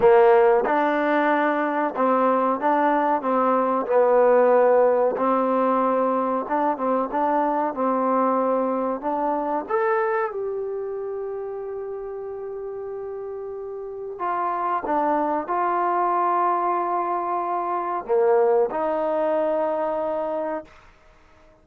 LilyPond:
\new Staff \with { instrumentName = "trombone" } { \time 4/4 \tempo 4 = 93 ais4 d'2 c'4 | d'4 c'4 b2 | c'2 d'8 c'8 d'4 | c'2 d'4 a'4 |
g'1~ | g'2 f'4 d'4 | f'1 | ais4 dis'2. | }